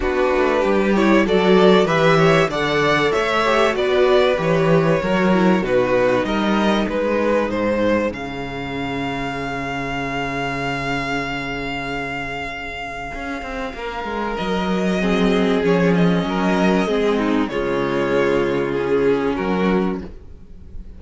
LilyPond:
<<
  \new Staff \with { instrumentName = "violin" } { \time 4/4 \tempo 4 = 96 b'4. cis''8 d''4 e''4 | fis''4 e''4 d''4 cis''4~ | cis''4 b'4 dis''4 b'4 | c''4 f''2.~ |
f''1~ | f''2. dis''4~ | dis''4 cis''8 dis''2~ dis''8 | cis''2 gis'4 ais'4 | }
  \new Staff \with { instrumentName = "violin" } { \time 4/4 fis'4 g'4 a'4 b'8 cis''8 | d''4 cis''4 b'2 | ais'4 fis'4 ais'4 gis'4~ | gis'1~ |
gis'1~ | gis'2 ais'2 | gis'2 ais'4 gis'8 dis'8 | f'2. fis'4 | }
  \new Staff \with { instrumentName = "viola" } { \time 4/4 d'4. e'8 fis'4 g'4 | a'4. g'8 fis'4 g'4 | fis'8 e'8 dis'2.~ | dis'4 cis'2.~ |
cis'1~ | cis'1 | c'4 cis'2 c'4 | gis2 cis'2 | }
  \new Staff \with { instrumentName = "cello" } { \time 4/4 b8 a8 g4 fis4 e4 | d4 a4 b4 e4 | fis4 b,4 g4 gis4 | gis,4 cis2.~ |
cis1~ | cis4 cis'8 c'8 ais8 gis8 fis4~ | fis4 f4 fis4 gis4 | cis2. fis4 | }
>>